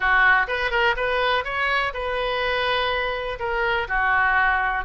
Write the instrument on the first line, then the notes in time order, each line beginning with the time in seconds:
oboe
0.00 F#4
0.47 B4
0.71 A#4
0.96 B4
1.44 C#5
1.93 B4
3.39 A#4
3.88 F#4